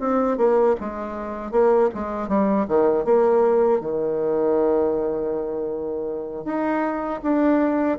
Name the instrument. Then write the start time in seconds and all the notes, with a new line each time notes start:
bassoon
0.00 C4
0.37 A#3
0.80 G#3
1.52 A#3
1.94 G#3
2.28 G3
2.68 D#3
3.04 A#3
3.80 D#3
6.45 D#4
7.23 D4